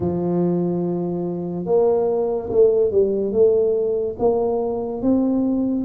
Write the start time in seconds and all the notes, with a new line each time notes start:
0.00 F3
1.65 A#3
2.50 A3
2.91 G3
3.32 A3
4.19 A#3
5.02 C4